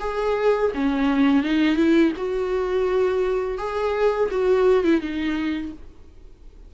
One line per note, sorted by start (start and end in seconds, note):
0.00 0.71 G#4
0.74 1.43 C#4
1.43 1.76 D#4
1.76 2.12 E4
2.17 3.58 F#4
3.58 4.29 G#4
4.31 4.84 F#4
4.84 5.01 E4
5.01 5.72 D#4